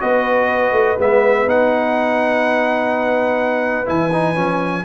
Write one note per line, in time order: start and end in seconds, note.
0.00 0.72 B3
0.00 0.97 F#4
0.00 4.85 B4
0.00 0.98 D#5
0.72 0.96 A3
0.99 1.46 G#3
0.99 1.47 B3
0.99 1.49 E5
1.46 3.88 B3
1.46 3.85 D#4
1.46 3.89 F#5
3.85 4.36 E3
3.85 4.10 E4
3.85 4.85 G#5
4.12 4.35 D#4
4.35 4.85 F3
4.35 4.83 C#4